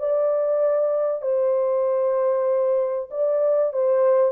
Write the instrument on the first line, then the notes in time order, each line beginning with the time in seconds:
horn
0.00 D5
1.22 C5
3.11 D5
3.74 C5